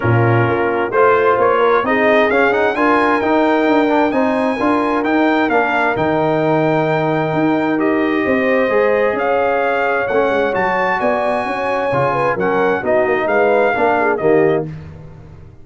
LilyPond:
<<
  \new Staff \with { instrumentName = "trumpet" } { \time 4/4 \tempo 4 = 131 ais'2 c''4 cis''4 | dis''4 f''8 fis''8 gis''4 g''4~ | g''4 gis''2 g''4 | f''4 g''2.~ |
g''4 dis''2. | f''2 fis''4 a''4 | gis''2. fis''4 | dis''4 f''2 dis''4 | }
  \new Staff \with { instrumentName = "horn" } { \time 4/4 f'2 c''4. ais'8 | gis'2 ais'2~ | ais'4 c''4 ais'2~ | ais'1~ |
ais'2 c''2 | cis''1 | d''4 cis''4. b'8 ais'4 | fis'4 b'4 ais'8 gis'8 g'4 | }
  \new Staff \with { instrumentName = "trombone" } { \time 4/4 cis'2 f'2 | dis'4 cis'8 dis'8 f'4 dis'4~ | dis'8 d'8 dis'4 f'4 dis'4 | d'4 dis'2.~ |
dis'4 g'2 gis'4~ | gis'2 cis'4 fis'4~ | fis'2 f'4 cis'4 | dis'2 d'4 ais4 | }
  \new Staff \with { instrumentName = "tuba" } { \time 4/4 ais,4 ais4 a4 ais4 | c'4 cis'4 d'4 dis'4 | d'4 c'4 d'4 dis'4 | ais4 dis2. |
dis'2 c'4 gis4 | cis'2 a8 gis8 fis4 | b4 cis'4 cis4 fis4 | b8 ais8 gis4 ais4 dis4 | }
>>